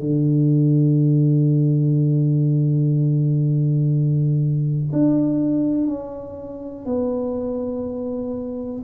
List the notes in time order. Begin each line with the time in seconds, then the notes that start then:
0.00 D3
4.93 D4
5.87 C#4
6.86 B3